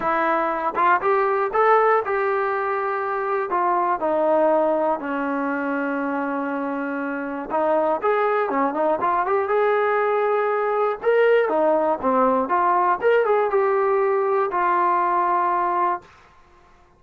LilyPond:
\new Staff \with { instrumentName = "trombone" } { \time 4/4 \tempo 4 = 120 e'4. f'8 g'4 a'4 | g'2. f'4 | dis'2 cis'2~ | cis'2. dis'4 |
gis'4 cis'8 dis'8 f'8 g'8 gis'4~ | gis'2 ais'4 dis'4 | c'4 f'4 ais'8 gis'8 g'4~ | g'4 f'2. | }